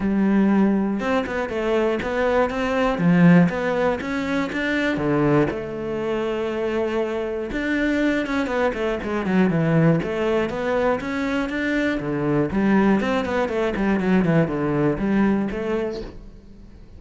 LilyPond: \new Staff \with { instrumentName = "cello" } { \time 4/4 \tempo 4 = 120 g2 c'8 b8 a4 | b4 c'4 f4 b4 | cis'4 d'4 d4 a4~ | a2. d'4~ |
d'8 cis'8 b8 a8 gis8 fis8 e4 | a4 b4 cis'4 d'4 | d4 g4 c'8 b8 a8 g8 | fis8 e8 d4 g4 a4 | }